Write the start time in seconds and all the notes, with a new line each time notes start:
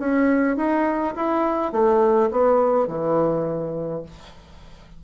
0.00 C#4
0.57 D#4
1.16 E4
1.72 A3
2.31 B3
2.88 E3